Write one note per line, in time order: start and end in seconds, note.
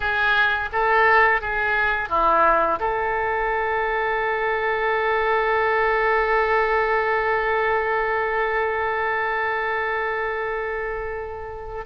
0.00 0.69 G#4
0.72 1.41 A4
1.41 2.09 G#4
2.09 2.79 E4
2.79 11.85 A4